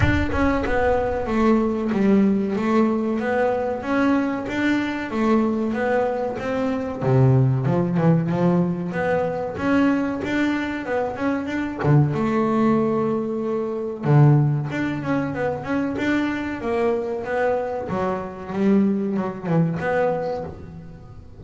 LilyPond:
\new Staff \with { instrumentName = "double bass" } { \time 4/4 \tempo 4 = 94 d'8 cis'8 b4 a4 g4 | a4 b4 cis'4 d'4 | a4 b4 c'4 c4 | f8 e8 f4 b4 cis'4 |
d'4 b8 cis'8 d'8 d8 a4~ | a2 d4 d'8 cis'8 | b8 cis'8 d'4 ais4 b4 | fis4 g4 fis8 e8 b4 | }